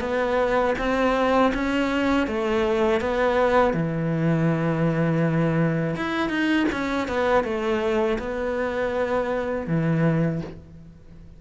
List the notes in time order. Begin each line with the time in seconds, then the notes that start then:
0.00 B3
0.78 C4
1.54 C#4
2.27 A3
3.01 B3
3.73 E3
5.96 E4
6.29 D#4
6.72 C#4
7.08 B3
7.44 A3
8.19 B3
9.67 E3